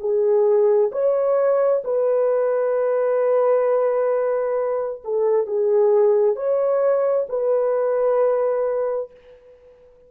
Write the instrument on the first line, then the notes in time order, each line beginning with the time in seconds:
horn
0.00 G#4
0.92 C#5
1.84 B4
5.05 A4
5.47 G#4
6.36 C#5
7.29 B4